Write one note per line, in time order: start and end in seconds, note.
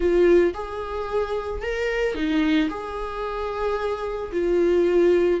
0.00 0.53 F4
0.54 1.61 G#4
1.61 2.14 A#4
2.14 2.69 D#4
2.69 4.31 G#4
4.32 5.40 F4